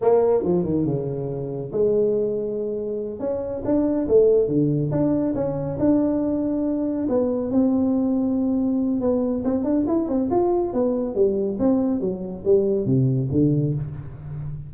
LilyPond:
\new Staff \with { instrumentName = "tuba" } { \time 4/4 \tempo 4 = 140 ais4 f8 dis8 cis2 | gis2.~ gis8 cis'8~ | cis'8 d'4 a4 d4 d'8~ | d'8 cis'4 d'2~ d'8~ |
d'8 b4 c'2~ c'8~ | c'4 b4 c'8 d'8 e'8 c'8 | f'4 b4 g4 c'4 | fis4 g4 c4 d4 | }